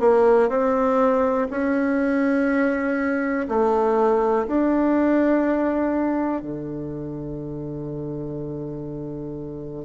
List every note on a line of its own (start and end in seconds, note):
0.00 0.49 A#3
0.50 1.48 C4
1.51 3.47 C#4
3.48 4.47 A3
4.48 6.42 D4
6.42 9.85 D3